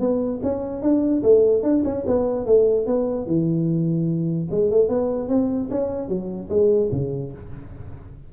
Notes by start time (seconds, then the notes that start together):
0.00 B3
0.43 C#4
0.82 D4
1.23 A3
1.63 D4
1.85 C#4
2.07 B3
2.46 A3
2.86 B3
3.26 E3
4.51 G#3
4.71 A3
4.89 B3
5.29 C4
5.71 C#4
6.08 F#3
6.50 G#3
6.92 C#3